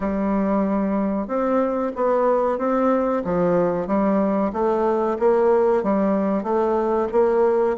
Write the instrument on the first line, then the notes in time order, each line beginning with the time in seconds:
bassoon
0.00 G3
1.27 C4
1.95 B3
2.58 C4
3.24 F3
3.87 G3
4.52 A3
5.19 A#3
5.83 G3
6.43 A3
7.12 A#3